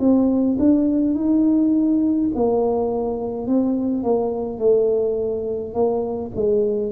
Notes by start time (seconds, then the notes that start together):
0.00 C4
0.59 D4
1.15 D#4
2.35 A#3
3.47 C4
4.04 A#3
4.59 A3
5.74 A#3
6.36 G#3